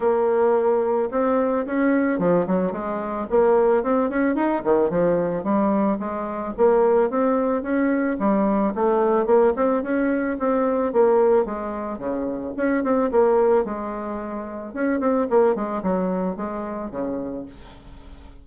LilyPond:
\new Staff \with { instrumentName = "bassoon" } { \time 4/4 \tempo 4 = 110 ais2 c'4 cis'4 | f8 fis8 gis4 ais4 c'8 cis'8 | dis'8 dis8 f4 g4 gis4 | ais4 c'4 cis'4 g4 |
a4 ais8 c'8 cis'4 c'4 | ais4 gis4 cis4 cis'8 c'8 | ais4 gis2 cis'8 c'8 | ais8 gis8 fis4 gis4 cis4 | }